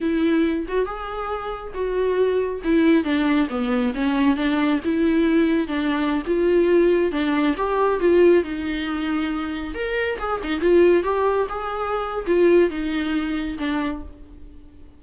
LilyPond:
\new Staff \with { instrumentName = "viola" } { \time 4/4 \tempo 4 = 137 e'4. fis'8 gis'2 | fis'2 e'4 d'4 | b4 cis'4 d'4 e'4~ | e'4 d'4~ d'16 f'4.~ f'16~ |
f'16 d'4 g'4 f'4 dis'8.~ | dis'2~ dis'16 ais'4 gis'8 dis'16~ | dis'16 f'4 g'4 gis'4.~ gis'16 | f'4 dis'2 d'4 | }